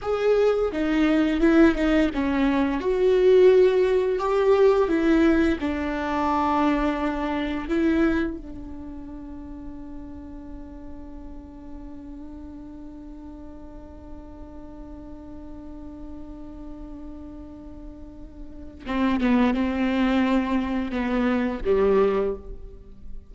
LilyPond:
\new Staff \with { instrumentName = "viola" } { \time 4/4 \tempo 4 = 86 gis'4 dis'4 e'8 dis'8 cis'4 | fis'2 g'4 e'4 | d'2. e'4 | d'1~ |
d'1~ | d'1~ | d'2. c'8 b8 | c'2 b4 g4 | }